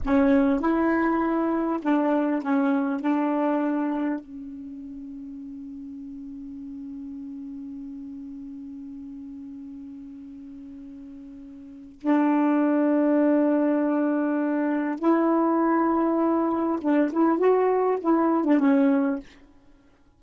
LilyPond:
\new Staff \with { instrumentName = "saxophone" } { \time 4/4 \tempo 4 = 100 cis'4 e'2 d'4 | cis'4 d'2 cis'4~ | cis'1~ | cis'1~ |
cis'1 | d'1~ | d'4 e'2. | d'8 e'8 fis'4 e'8. d'16 cis'4 | }